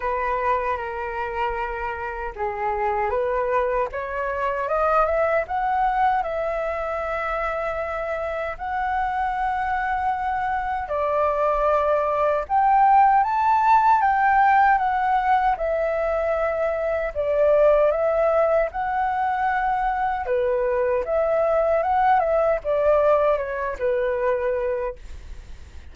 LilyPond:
\new Staff \with { instrumentName = "flute" } { \time 4/4 \tempo 4 = 77 b'4 ais'2 gis'4 | b'4 cis''4 dis''8 e''8 fis''4 | e''2. fis''4~ | fis''2 d''2 |
g''4 a''4 g''4 fis''4 | e''2 d''4 e''4 | fis''2 b'4 e''4 | fis''8 e''8 d''4 cis''8 b'4. | }